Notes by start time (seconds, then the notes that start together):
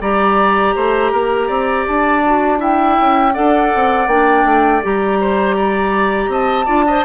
0.00 G3 G4 D5 A#5
0.75 A3 C5
1.11 A#3 A#4
1.47 C4 D5
1.86 D4 A5
2.25 F#4
2.57 E4 E5 G5
2.99 C#4
3.33 D4 A4 D5 F#5
3.74 C4
4.06 A#3 D4 G5
4.45 A3
4.82 G3 G4 A#5
5.20 C5
5.56 D5
6.28 C4 D#5 A5
6.65 D4 F4 D5
6.86 C5 D#5